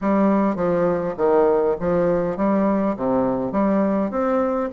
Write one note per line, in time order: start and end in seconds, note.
0.01 0.55 G3
0.55 1.14 F3
1.17 1.75 D#3
1.80 2.36 F3
2.36 2.95 G3
2.96 3.52 C3
3.52 4.10 G3
4.10 4.69 C4